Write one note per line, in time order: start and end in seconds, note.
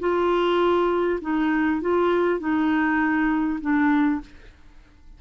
0.00 1.20 F4
1.21 1.81 D#4
1.82 2.40 F4
2.40 3.60 D#4
3.61 4.21 D4